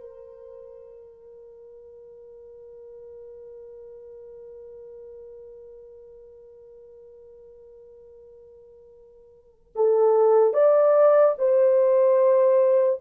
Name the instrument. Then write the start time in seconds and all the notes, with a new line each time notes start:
horn
0.00 A#4
9.75 A4
10.53 D5
11.38 C5